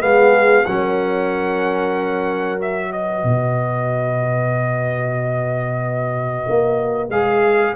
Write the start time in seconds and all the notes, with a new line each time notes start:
0.00 G#3 B3 G#4 F5
0.65 F#3 C#4 A#4 F#5
2.58 F#4 E5
2.91 B4 D#5
3.24 B2
6.49 A#3
7.09 G#3 G#4 F5